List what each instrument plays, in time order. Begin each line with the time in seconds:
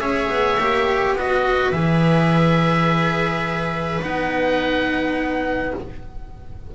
0.00 double bass C#4, cello G#4, viola C#5, oboe E5
0.29 double bass B3
0.59 double bass A#3, cello G4
1.15 double bass B3, cello F#4, viola B4, oboe D#5
1.72 double bass E3, cello G#4, oboe E5
4.02 double bass B3, cello D#4, oboe F#5